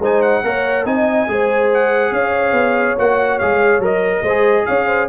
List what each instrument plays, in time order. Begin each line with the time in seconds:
0.00 tuba G#3, trombone D#4, horn C5, trumpet G#5
0.22 trumpet F#5
0.44 tuba A#3, trombone A#4, horn C#5
0.85 tuba C4, trombone D#4, horn D#5, trumpet G#5
1.28 tuba G#3, trombone G#4, horn C5
1.74 trumpet F#5
2.12 tuba C#4, horn C#5, trumpet F5
2.52 tuba B3
2.99 tuba A#3, trombone F#4, trumpet F#5
3.39 tuba G#3, trombone G#4, trumpet F5
3.79 tuba F#3, trombone A#4
3.85 trumpet D#5
4.22 tuba G#3, horn C5
4.29 trombone G#4
4.66 tuba C#4, horn C#5, trumpet F5
4.87 horn C5